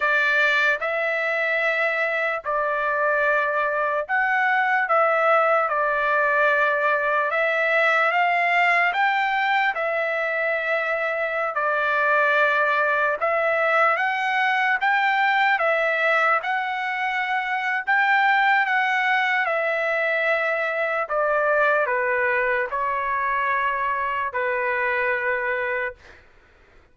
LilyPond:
\new Staff \with { instrumentName = "trumpet" } { \time 4/4 \tempo 4 = 74 d''4 e''2 d''4~ | d''4 fis''4 e''4 d''4~ | d''4 e''4 f''4 g''4 | e''2~ e''16 d''4.~ d''16~ |
d''16 e''4 fis''4 g''4 e''8.~ | e''16 fis''4.~ fis''16 g''4 fis''4 | e''2 d''4 b'4 | cis''2 b'2 | }